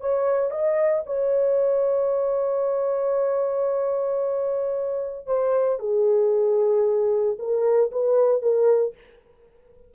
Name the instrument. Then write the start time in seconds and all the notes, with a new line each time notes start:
horn
0.00 C#5
0.51 D#5
1.06 C#5
5.26 C5
5.79 G#4
7.39 A#4
7.92 B4
8.42 A#4